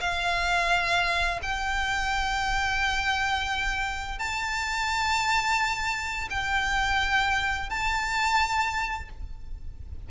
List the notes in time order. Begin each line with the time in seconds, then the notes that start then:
0.00 F5
1.42 G5
4.19 A5
6.29 G5
7.69 A5